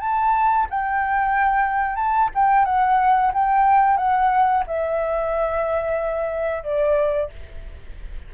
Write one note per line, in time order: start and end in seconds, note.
0.00 0.67 A5
0.70 1.96 G5
1.96 2.29 A5
2.35 2.65 G5
2.65 3.32 F#5
3.33 3.97 G5
3.97 4.64 F#5
4.67 6.63 E5
6.63 7.30 D5